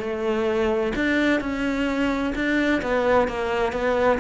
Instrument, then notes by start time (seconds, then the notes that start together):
cello
0.00 A3
0.96 D4
1.41 C#4
2.35 D4
2.82 B3
3.28 A#3
3.73 B3